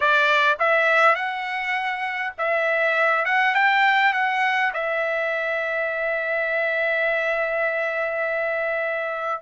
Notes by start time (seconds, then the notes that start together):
0.00 D5
0.59 E5
1.15 F#5
2.37 E5
3.25 F#5
3.54 G5
4.13 F#5
4.73 E5